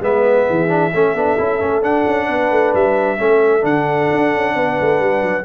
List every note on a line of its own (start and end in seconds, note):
0.00 0.45 G#3
0.00 0.68 B3
0.00 0.46 B4
0.00 1.83 E5
0.47 0.93 E3
0.47 0.92 G#4
0.68 0.91 D4
0.93 1.14 A3
0.93 1.16 C#4
0.93 2.27 A4
1.14 1.36 B3
1.14 1.38 D4
1.38 1.61 C#4
1.38 1.59 E4
1.59 1.82 A3
1.59 1.82 C#4
1.82 2.05 D4
1.82 3.18 D4
1.82 2.74 F#5
2.06 2.29 C#4
2.27 2.51 B3
2.27 3.18 B4
2.51 2.73 A3
2.74 3.20 G3
2.74 3.65 E5
3.18 3.63 A3
3.18 3.61 C#4
3.18 4.55 A4
3.61 4.09 D3
3.61 5.43 D4
3.61 5.45 F#5
4.12 4.34 D4
4.34 4.55 C#4
4.55 4.77 B3
4.55 5.45 B4
4.80 5.00 A3
5.00 5.22 G3
5.22 5.45 F#3